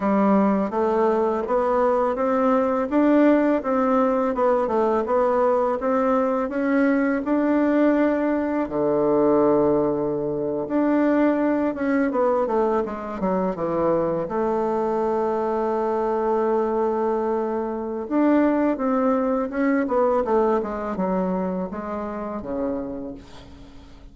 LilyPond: \new Staff \with { instrumentName = "bassoon" } { \time 4/4 \tempo 4 = 83 g4 a4 b4 c'4 | d'4 c'4 b8 a8 b4 | c'4 cis'4 d'2 | d2~ d8. d'4~ d'16~ |
d'16 cis'8 b8 a8 gis8 fis8 e4 a16~ | a1~ | a4 d'4 c'4 cis'8 b8 | a8 gis8 fis4 gis4 cis4 | }